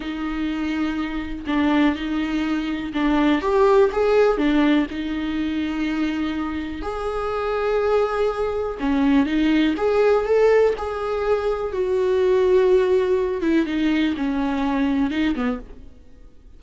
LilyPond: \new Staff \with { instrumentName = "viola" } { \time 4/4 \tempo 4 = 123 dis'2. d'4 | dis'2 d'4 g'4 | gis'4 d'4 dis'2~ | dis'2 gis'2~ |
gis'2 cis'4 dis'4 | gis'4 a'4 gis'2 | fis'2.~ fis'8 e'8 | dis'4 cis'2 dis'8 b8 | }